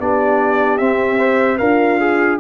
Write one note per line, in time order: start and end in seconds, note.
0.00 0.80 B3
0.00 0.80 D4
0.00 1.61 G4
0.00 0.78 D5
0.78 1.19 C4
0.78 1.60 C4
0.78 1.58 E5
1.19 1.59 C5
1.58 2.40 D4
1.58 2.40 F4
1.58 1.99 A#4
1.58 2.38 F5
2.00 2.40 G#4